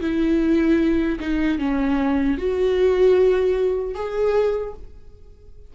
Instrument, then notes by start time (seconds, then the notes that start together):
viola
0.00 E4
1.19 D#4
1.58 C#4
2.37 F#4
3.94 G#4